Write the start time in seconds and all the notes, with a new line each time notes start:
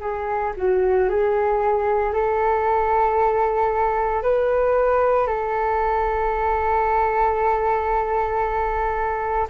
0.00 G#4
0.56 F#4
1.09 G#4
2.13 A4
4.22 B4
5.27 A4